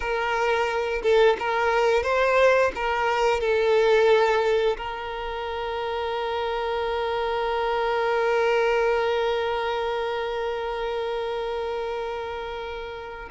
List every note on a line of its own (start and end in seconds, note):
0.00 1.02 A#4
1.02 1.36 A4
1.39 2.03 A#4
2.03 2.71 C5
2.75 3.40 A#4
3.40 4.76 A4
4.77 13.29 A#4